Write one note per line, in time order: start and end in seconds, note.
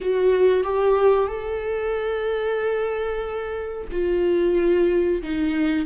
0.01 0.63 F#4
0.63 1.27 G4
1.27 3.88 A4
3.91 5.21 F4
5.22 5.85 D#4